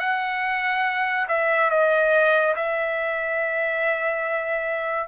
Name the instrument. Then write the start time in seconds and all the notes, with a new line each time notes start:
trumpet
0.00 F#5
1.28 E5
1.70 D#5
2.56 E5